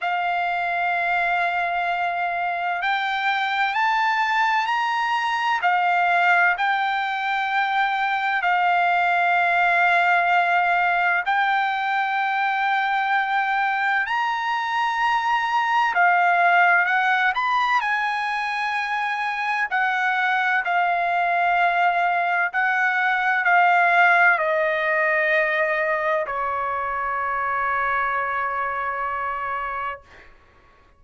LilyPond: \new Staff \with { instrumentName = "trumpet" } { \time 4/4 \tempo 4 = 64 f''2. g''4 | a''4 ais''4 f''4 g''4~ | g''4 f''2. | g''2. ais''4~ |
ais''4 f''4 fis''8 b''8 gis''4~ | gis''4 fis''4 f''2 | fis''4 f''4 dis''2 | cis''1 | }